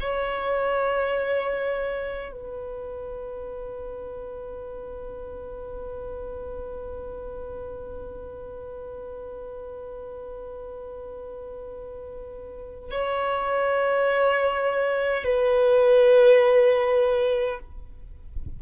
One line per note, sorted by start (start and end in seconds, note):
0.00 2.33 C#5
2.33 12.91 B4
12.91 15.25 C#5
15.25 17.60 B4